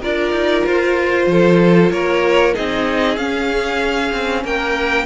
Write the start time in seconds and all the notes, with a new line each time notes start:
0.00 D4 F4 A#4 D5
0.32 D#4
0.66 F4 C5
1.26 F3 A4
1.91 A#3 A#4 C#5
2.54 C4 D#4 G#4 D#5
3.17 C#4 F5
4.12 C4
4.43 A#3 A#4 G5